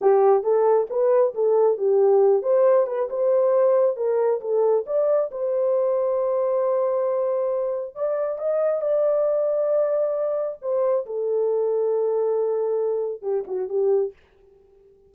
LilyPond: \new Staff \with { instrumentName = "horn" } { \time 4/4 \tempo 4 = 136 g'4 a'4 b'4 a'4 | g'4. c''4 b'8 c''4~ | c''4 ais'4 a'4 d''4 | c''1~ |
c''2 d''4 dis''4 | d''1 | c''4 a'2.~ | a'2 g'8 fis'8 g'4 | }